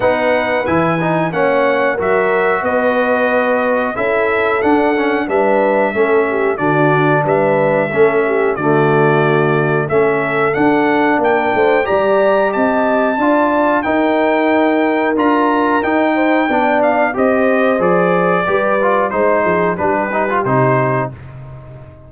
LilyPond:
<<
  \new Staff \with { instrumentName = "trumpet" } { \time 4/4 \tempo 4 = 91 fis''4 gis''4 fis''4 e''4 | dis''2 e''4 fis''4 | e''2 d''4 e''4~ | e''4 d''2 e''4 |
fis''4 g''4 ais''4 a''4~ | a''4 g''2 ais''4 | g''4. f''8 dis''4 d''4~ | d''4 c''4 b'4 c''4 | }
  \new Staff \with { instrumentName = "horn" } { \time 4/4 b'2 cis''4 ais'4 | b'2 a'2 | b'4 a'8 g'8 fis'4 b'4 | a'8 g'8 fis'2 a'4~ |
a'4 ais'8 c''8 d''4 dis''4 | d''4 ais'2.~ | ais'8 c''8 d''4 c''2 | b'4 c''8 gis'8 g'2 | }
  \new Staff \with { instrumentName = "trombone" } { \time 4/4 dis'4 e'8 dis'8 cis'4 fis'4~ | fis'2 e'4 d'8 cis'8 | d'4 cis'4 d'2 | cis'4 a2 cis'4 |
d'2 g'2 | f'4 dis'2 f'4 | dis'4 d'4 g'4 gis'4 | g'8 f'8 dis'4 d'8 dis'16 f'16 dis'4 | }
  \new Staff \with { instrumentName = "tuba" } { \time 4/4 b4 e4 ais4 fis4 | b2 cis'4 d'4 | g4 a4 d4 g4 | a4 d2 a4 |
d'4 ais8 a8 g4 c'4 | d'4 dis'2 d'4 | dis'4 b4 c'4 f4 | g4 gis8 f8 g4 c4 | }
>>